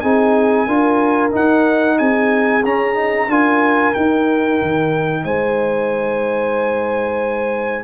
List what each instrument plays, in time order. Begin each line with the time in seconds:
0.00 tuba C4, trombone D#4, horn G#4, trumpet G#5
0.67 tuba D4, trombone F4, horn A#4
1.32 trombone D#4, tuba D#4, trumpet F#5
1.99 tuba C4, horn G#4, trumpet G#5
2.64 tuba C#4, trombone C#4, trumpet A#5
2.95 trombone D#4
3.28 tuba D4, trombone F4, horn A#4, trumpet G#5
3.94 trombone D#4, tuba D#4, trumpet G5
4.62 tuba D#3
5.25 tuba G#3, horn C5, trumpet G#5